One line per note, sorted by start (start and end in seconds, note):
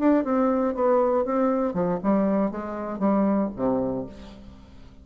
0.00 0.25 D4
0.25 0.75 C4
0.75 1.25 B3
1.26 1.74 C4
1.74 2.00 F3
2.03 2.51 G3
2.51 3.00 G#3
3.00 3.50 G3
3.56 4.07 C3